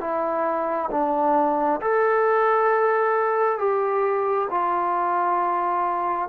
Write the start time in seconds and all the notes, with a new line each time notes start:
0.00 E4
0.90 D4
1.80 A4
3.58 G4
4.50 F4